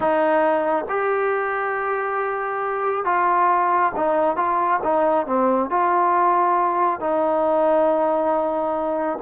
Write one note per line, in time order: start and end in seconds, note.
0.00 0.85 D#4
0.88 3.04 G4
3.04 3.92 F4
3.96 4.36 D#4
4.36 4.80 F4
4.83 5.26 D#4
5.26 5.70 C4
5.70 7.00 F4
7.00 9.19 D#4